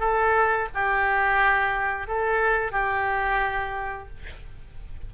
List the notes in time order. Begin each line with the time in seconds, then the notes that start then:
0.00 A4
0.74 G4
2.07 A4
2.72 G4